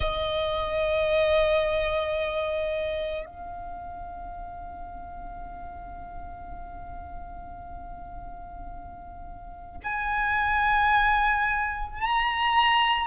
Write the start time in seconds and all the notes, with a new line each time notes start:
0.00 D#5
3.25 F5
9.83 G#5
12.00 A#5